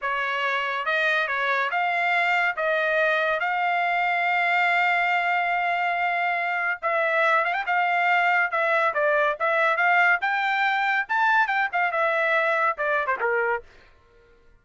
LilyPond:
\new Staff \with { instrumentName = "trumpet" } { \time 4/4 \tempo 4 = 141 cis''2 dis''4 cis''4 | f''2 dis''2 | f''1~ | f''1 |
e''4. f''16 g''16 f''2 | e''4 d''4 e''4 f''4 | g''2 a''4 g''8 f''8 | e''2 d''8. c''16 ais'4 | }